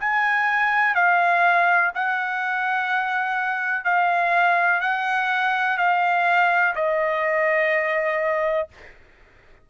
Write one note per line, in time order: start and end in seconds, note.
0.00 0.95 G#5
0.95 1.92 F5
1.95 3.84 F#5
3.84 4.81 F5
4.81 5.78 F#5
5.78 6.74 F5
6.75 8.69 D#5